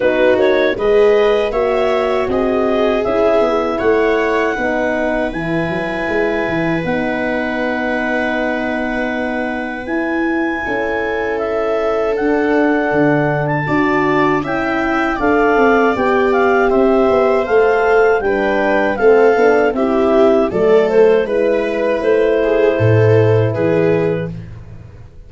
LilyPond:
<<
  \new Staff \with { instrumentName = "clarinet" } { \time 4/4 \tempo 4 = 79 b'8 cis''8 dis''4 e''4 dis''4 | e''4 fis''2 gis''4~ | gis''4 fis''2.~ | fis''4 gis''2 e''4 |
fis''4.~ fis''16 a''4~ a''16 g''4 | f''4 g''8 f''8 e''4 f''4 | g''4 f''4 e''4 d''8 c''8 | b'4 c''2 b'4 | }
  \new Staff \with { instrumentName = "viola" } { \time 4/4 fis'4 b'4 cis''4 gis'4~ | gis'4 cis''4 b'2~ | b'1~ | b'2 a'2~ |
a'2 d''4 e''4 | d''2 c''2 | b'4 a'4 g'4 a'4 | b'4. gis'8 a'4 gis'4 | }
  \new Staff \with { instrumentName = "horn" } { \time 4/4 dis'4 gis'4 fis'2 | e'2 dis'4 e'4~ | e'4 dis'2.~ | dis'4 e'2. |
d'2 fis'4 e'4 | a'4 g'2 a'4 | d'4 c'8 d'8 e'4 a4 | e'1 | }
  \new Staff \with { instrumentName = "tuba" } { \time 4/4 b8 ais8 gis4 ais4 c'4 | cis'8 b8 a4 b4 e8 fis8 | gis8 e8 b2.~ | b4 e'4 cis'2 |
d'4 d4 d'4 cis'4 | d'8 c'8 b4 c'8 b8 a4 | g4 a8 b8 c'4 fis4 | gis4 a4 a,4 e4 | }
>>